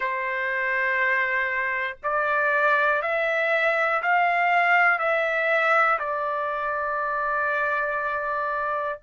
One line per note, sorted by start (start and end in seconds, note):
0.00 1.97 C5
2.03 3.01 D5
3.01 4.01 E5
4.02 4.99 F5
4.99 5.99 E5
5.99 8.99 D5